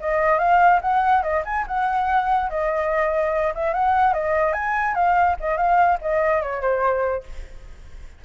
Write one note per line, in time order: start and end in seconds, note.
0.00 0.38 D#5
0.38 0.80 F5
0.81 1.22 F#5
1.22 1.43 D#5
1.45 1.66 G#5
1.67 2.49 F#5
2.49 3.53 D#5
3.54 3.73 E5
3.73 4.13 F#5
4.13 4.53 D#5
4.53 4.94 G#5
4.94 5.36 F5
5.40 5.57 D#5
5.57 5.98 F5
6.01 6.42 D#5
6.42 6.61 C#5
6.61 7.23 C5